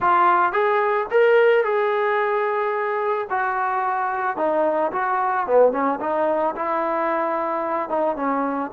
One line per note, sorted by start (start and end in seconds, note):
0.00 0.52 F4
0.52 1.06 G#4
1.11 1.64 A#4
1.64 3.27 G#4
3.30 4.37 F#4
4.37 4.91 D#4
4.92 5.46 F#4
5.47 5.71 B3
5.71 5.99 C#4
6.00 6.55 D#4
6.55 7.89 E4
7.89 8.16 D#4
8.16 8.70 C#4